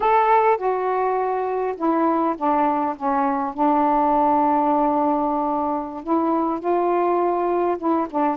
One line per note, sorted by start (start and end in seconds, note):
0.00 0.57 A4
0.57 1.75 F#4
1.76 2.35 E4
2.37 2.96 D4
2.96 3.54 C#4
3.54 6.03 D4
6.03 6.59 E4
6.59 7.77 F4
7.78 8.07 E4
8.10 8.37 D4